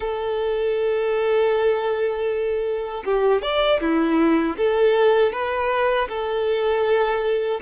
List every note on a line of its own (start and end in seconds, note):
0.00 3.04 A4
3.04 3.42 G4
3.42 3.80 D5
3.80 4.56 E4
4.57 5.32 A4
5.32 6.08 B4
6.08 7.60 A4